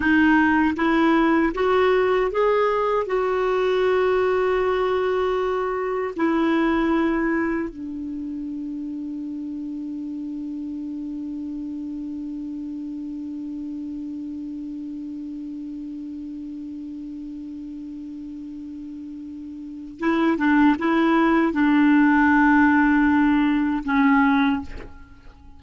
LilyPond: \new Staff \with { instrumentName = "clarinet" } { \time 4/4 \tempo 4 = 78 dis'4 e'4 fis'4 gis'4 | fis'1 | e'2 d'2~ | d'1~ |
d'1~ | d'1~ | d'2 e'8 d'8 e'4 | d'2. cis'4 | }